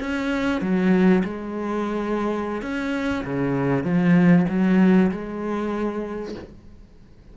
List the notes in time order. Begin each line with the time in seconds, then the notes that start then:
0.00 C#4
0.61 F#3
1.24 G#3
2.62 C#4
3.24 C#3
3.84 F3
4.49 F#3
5.11 G#3